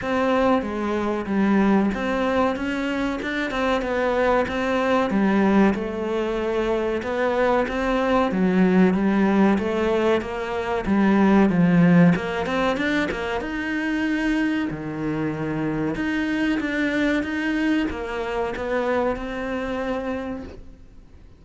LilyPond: \new Staff \with { instrumentName = "cello" } { \time 4/4 \tempo 4 = 94 c'4 gis4 g4 c'4 | cis'4 d'8 c'8 b4 c'4 | g4 a2 b4 | c'4 fis4 g4 a4 |
ais4 g4 f4 ais8 c'8 | d'8 ais8 dis'2 dis4~ | dis4 dis'4 d'4 dis'4 | ais4 b4 c'2 | }